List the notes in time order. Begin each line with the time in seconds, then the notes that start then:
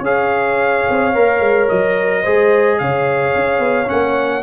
0.00 C#4 G#4 C#5 F5
0.89 C4
1.14 A#3 A#4
1.40 G#3
1.69 F#3 D#5
2.23 G#3 G#4 C5
2.79 C#3 C#5 F5
3.35 C#4
3.59 B3
3.86 A#3 C#4 F#5